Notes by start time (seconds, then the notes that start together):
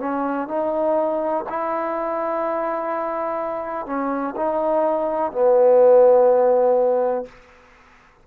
0.00 C#4
0.48 D#4
1.50 E4
3.87 C#4
4.36 D#4
5.32 B3